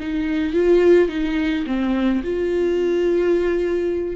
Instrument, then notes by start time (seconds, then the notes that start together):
viola
0.00 D#4
0.53 F4
1.09 D#4
1.66 C4
2.24 F4